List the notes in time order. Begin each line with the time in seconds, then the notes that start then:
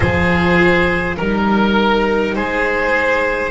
0.00 F3 F4 G#4 C5
1.17 G3 D#4 A#4
2.35 G#3 G#4 C5